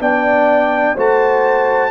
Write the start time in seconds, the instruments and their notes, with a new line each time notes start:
0.00 tuba B3, trombone D4, horn D5, trumpet G5
0.95 tuba A3, trombone F#4, horn C5, trumpet A5